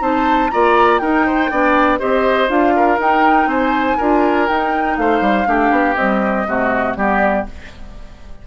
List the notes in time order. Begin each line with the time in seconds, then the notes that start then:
0.00 C4 D#4 C5 A5
0.51 A#3 F4 D5 A#5
0.99 D#4 A#4 G5
1.26 C5
1.51 B3 D4 D5
2.00 C4 G4 C5 D#5
2.49 D4 F4 F5
2.76 A#4
2.99 D#4 G5
3.46 C4 C5 G#5
3.98 D4 F4 A#4
4.48 D#4 G5
4.98 A3 C5 F5
5.21 G3
5.46 A3 D4 G4
5.71 B3
5.96 G3 C4 D#5
6.47 C3 A3 F#4
6.97 G3 B3 G4 D5